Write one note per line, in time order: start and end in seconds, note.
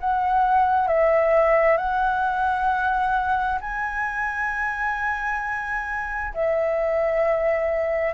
0.00 0.87 F#5
0.87 1.77 E5
1.77 3.59 F#5
3.61 6.33 G#5
6.34 8.13 E5